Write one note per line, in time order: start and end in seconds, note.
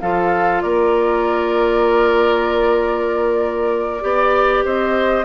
0.00 0.63 F3
0.00 4.01 F4
0.00 0.63 A4
0.00 0.61 F5
0.61 4.03 A#3
0.61 4.03 A#4
0.61 4.63 D5
4.01 4.64 B3
4.01 5.24 G4
4.01 4.64 D5
4.64 5.24 C4
4.64 5.24 C5
4.64 5.24 D#5